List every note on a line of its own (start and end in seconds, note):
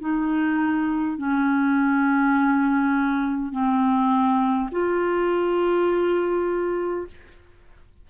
0.00 1.18 D#4
1.18 3.51 C#4
3.51 4.69 C4
4.71 7.06 F4